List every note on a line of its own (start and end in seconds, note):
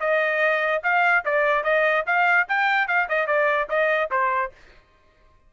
0.00 0.82 D#5
0.83 1.25 F5
1.25 1.64 D5
1.64 2.05 D#5
2.06 2.48 F5
2.49 2.88 G5
2.88 3.08 F5
3.09 3.27 D#5
3.27 3.68 D5
3.69 4.10 D#5
4.11 4.52 C5